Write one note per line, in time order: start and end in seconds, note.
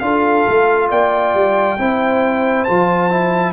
0.00 0.46 D4
0.00 1.78 F4
0.00 0.90 A4
0.00 0.88 F5
0.48 0.91 A3
0.90 1.35 A#3
0.90 1.78 D5
0.90 2.64 G5
1.35 1.79 G3
1.79 2.67 C4
1.79 2.67 E4
1.79 3.53 C5
2.64 3.53 F3
2.64 3.10 F4
2.64 3.53 A5
3.10 3.53 E4